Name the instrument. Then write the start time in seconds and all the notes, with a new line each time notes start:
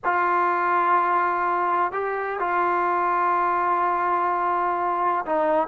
trombone
0.04 F4
1.92 G4
2.39 F4
5.25 D#4